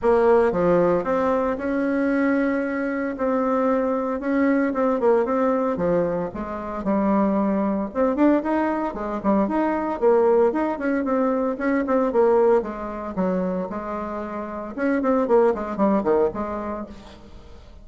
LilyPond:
\new Staff \with { instrumentName = "bassoon" } { \time 4/4 \tempo 4 = 114 ais4 f4 c'4 cis'4~ | cis'2 c'2 | cis'4 c'8 ais8 c'4 f4 | gis4 g2 c'8 d'8 |
dis'4 gis8 g8 dis'4 ais4 | dis'8 cis'8 c'4 cis'8 c'8 ais4 | gis4 fis4 gis2 | cis'8 c'8 ais8 gis8 g8 dis8 gis4 | }